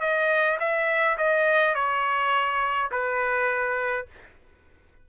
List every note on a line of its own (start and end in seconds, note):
0.00 0.58 D#5
0.59 1.17 E5
1.17 1.74 D#5
1.74 2.90 C#5
2.91 4.06 B4